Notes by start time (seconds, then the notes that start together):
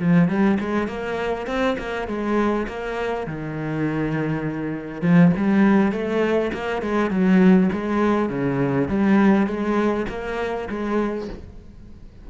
0.00 F3
0.29 G3
0.61 G#3
0.88 A#3
1.47 C4
1.79 A#3
2.08 G#3
2.68 A#3
3.27 D#3
5.02 F3
5.37 G3
5.93 A3
6.54 A#3
6.83 G#3
7.11 F#3
7.73 G#3
8.30 C#3
8.89 G3
9.47 G#3
10.09 A#3
10.70 G#3